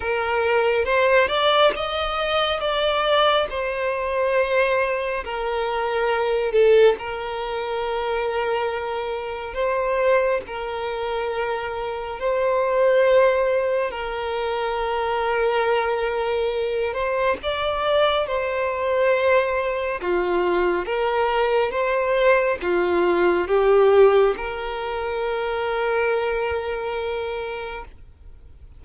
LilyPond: \new Staff \with { instrumentName = "violin" } { \time 4/4 \tempo 4 = 69 ais'4 c''8 d''8 dis''4 d''4 | c''2 ais'4. a'8 | ais'2. c''4 | ais'2 c''2 |
ais'2.~ ais'8 c''8 | d''4 c''2 f'4 | ais'4 c''4 f'4 g'4 | ais'1 | }